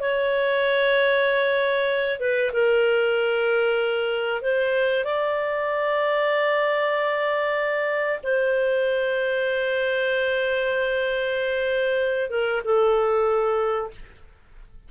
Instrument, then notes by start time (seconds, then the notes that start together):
clarinet
0.00 C#5
2.19 B4
2.53 A#4
4.42 C5
5.04 D5
8.23 C5
12.30 A#4
12.64 A4